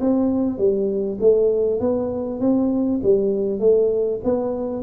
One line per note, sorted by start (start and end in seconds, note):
0.00 0.58 C4
0.58 1.18 G3
1.20 1.80 A3
1.80 2.40 B3
2.40 3.00 C4
3.03 3.60 G3
3.60 4.20 A3
4.24 4.82 B3